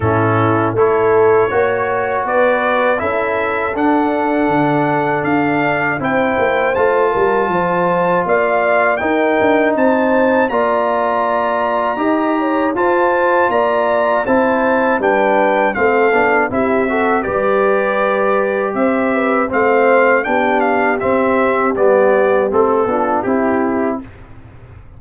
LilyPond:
<<
  \new Staff \with { instrumentName = "trumpet" } { \time 4/4 \tempo 4 = 80 a'4 cis''2 d''4 | e''4 fis''2 f''4 | g''4 a''2 f''4 | g''4 a''4 ais''2~ |
ais''4 a''4 ais''4 a''4 | g''4 f''4 e''4 d''4~ | d''4 e''4 f''4 g''8 f''8 | e''4 d''4 a'4 g'4 | }
  \new Staff \with { instrumentName = "horn" } { \time 4/4 e'4 a'4 cis''4 b'4 | a'1 | c''4. ais'8 c''4 d''4 | ais'4 c''4 d''2 |
dis''8 cis''8 c''4 d''4 c''4 | b'4 a'4 g'8 a'8 b'4~ | b'4 c''8 b'8 c''4 g'4~ | g'2~ g'8 f'8 e'4 | }
  \new Staff \with { instrumentName = "trombone" } { \time 4/4 cis'4 e'4 fis'2 | e'4 d'2. | e'4 f'2. | dis'2 f'2 |
g'4 f'2 e'4 | d'4 c'8 d'8 e'8 fis'8 g'4~ | g'2 c'4 d'4 | c'4 b4 c'8 d'8 e'4 | }
  \new Staff \with { instrumentName = "tuba" } { \time 4/4 a,4 a4 ais4 b4 | cis'4 d'4 d4 d'4 | c'8 ais8 a8 g8 f4 ais4 | dis'8 d'8 c'4 ais2 |
dis'4 f'4 ais4 c'4 | g4 a8 b8 c'4 g4~ | g4 c'4 a4 b4 | c'4 g4 a8 b8 c'4 | }
>>